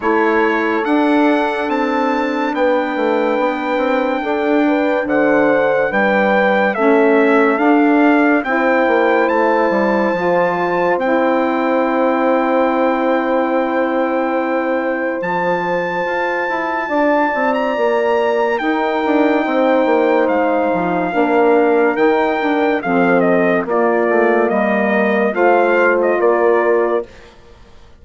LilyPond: <<
  \new Staff \with { instrumentName = "trumpet" } { \time 4/4 \tempo 4 = 71 cis''4 fis''4 a''4 g''4~ | g''2 fis''4 g''4 | e''4 f''4 g''4 a''4~ | a''4 g''2.~ |
g''2 a''2~ | a''8. ais''4~ ais''16 g''2 | f''2 g''4 f''8 dis''8 | d''4 dis''4 f''8. dis''16 d''4 | }
  \new Staff \with { instrumentName = "horn" } { \time 4/4 a'2. b'4~ | b'4 a'8 b'8 c''4 b'4 | a'2 c''2~ | c''1~ |
c''1 | d''2 ais'4 c''4~ | c''4 ais'2 a'4 | f'4 ais'4 c''4 ais'4 | }
  \new Staff \with { instrumentName = "saxophone" } { \time 4/4 e'4 d'2.~ | d'1 | cis'4 d'4 e'2 | f'4 e'2.~ |
e'2 f'2~ | f'2 dis'2~ | dis'4 d'4 dis'8 d'8 c'4 | ais2 f'2 | }
  \new Staff \with { instrumentName = "bassoon" } { \time 4/4 a4 d'4 c'4 b8 a8 | b8 c'8 d'4 d4 g4 | a4 d'4 c'8 ais8 a8 g8 | f4 c'2.~ |
c'2 f4 f'8 e'8 | d'8 c'8 ais4 dis'8 d'8 c'8 ais8 | gis8 f8 ais4 dis4 f4 | ais8 a8 g4 a4 ais4 | }
>>